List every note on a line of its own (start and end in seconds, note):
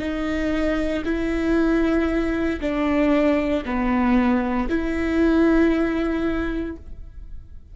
0.00 1.03 D#4
1.05 2.61 E4
2.61 3.65 D4
3.65 4.69 B3
4.70 6.77 E4